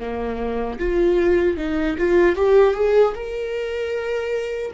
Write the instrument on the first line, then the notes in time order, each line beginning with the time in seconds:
viola
0.00 A#3
0.79 F4
1.58 D#4
1.99 F4
2.36 G4
2.75 G#4
3.14 A#4